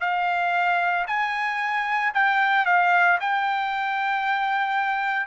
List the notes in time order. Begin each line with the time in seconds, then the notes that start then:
0.00 F5
1.07 G#5
2.14 G5
2.66 F5
3.20 G5